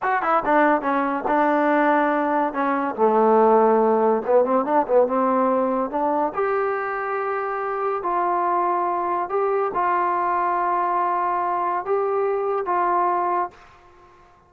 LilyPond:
\new Staff \with { instrumentName = "trombone" } { \time 4/4 \tempo 4 = 142 fis'8 e'8 d'4 cis'4 d'4~ | d'2 cis'4 a4~ | a2 b8 c'8 d'8 b8 | c'2 d'4 g'4~ |
g'2. f'4~ | f'2 g'4 f'4~ | f'1 | g'2 f'2 | }